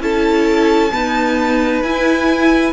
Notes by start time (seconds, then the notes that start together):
0.00 C#4 E4 A4 A5
0.92 B3 D#4 B4
1.83 E4 G#5